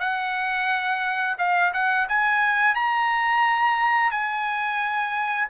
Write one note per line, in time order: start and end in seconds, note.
0.00 1.36 F#5
1.39 1.73 F5
1.74 2.08 F#5
2.09 2.75 G#5
2.75 4.11 A#5
4.11 5.48 G#5